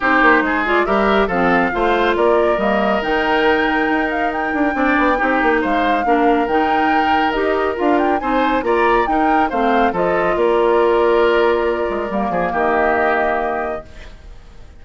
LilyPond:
<<
  \new Staff \with { instrumentName = "flute" } { \time 4/4 \tempo 4 = 139 c''4. d''8 e''4 f''4~ | f''4 d''4 dis''4 g''4~ | g''4. f''8 g''2~ | g''4 f''2 g''4~ |
g''4 dis''4 f''8 g''8 gis''4 | ais''4 g''4 f''4 dis''4 | d''1~ | d''4 dis''2. | }
  \new Staff \with { instrumentName = "oboe" } { \time 4/4 g'4 gis'4 ais'4 a'4 | c''4 ais'2.~ | ais'2. d''4 | g'4 c''4 ais'2~ |
ais'2. c''4 | d''4 ais'4 c''4 a'4 | ais'1~ | ais'8 gis'8 g'2. | }
  \new Staff \with { instrumentName = "clarinet" } { \time 4/4 dis'4. f'8 g'4 c'4 | f'2 ais4 dis'4~ | dis'2. d'4 | dis'2 d'4 dis'4~ |
dis'4 g'4 f'4 dis'4 | f'4 dis'4 c'4 f'4~ | f'1 | ais1 | }
  \new Staff \with { instrumentName = "bassoon" } { \time 4/4 c'8 ais8 gis4 g4 f4 | a4 ais4 g4 dis4~ | dis4 dis'4. d'8 c'8 b8 | c'8 ais8 gis4 ais4 dis4~ |
dis4 dis'4 d'4 c'4 | ais4 dis'4 a4 f4 | ais2.~ ais8 gis8 | g8 f8 dis2. | }
>>